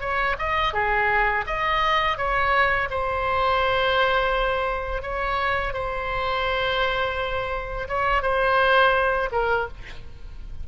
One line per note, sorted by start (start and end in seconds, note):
0.00 0.36 C#5
0.38 0.73 D#5
0.73 1.44 G#4
1.46 2.17 D#5
2.17 2.88 C#5
2.90 5.02 C5
5.02 5.73 C#5
5.73 7.88 C5
7.88 8.22 C#5
8.22 9.29 C5
9.32 9.68 A#4